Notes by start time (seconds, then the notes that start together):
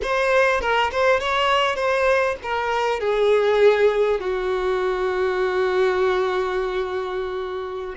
0.02 C5
0.61 A#4
0.91 C5
1.20 C#5
1.75 C5
2.42 A#4
2.99 G#4
4.20 F#4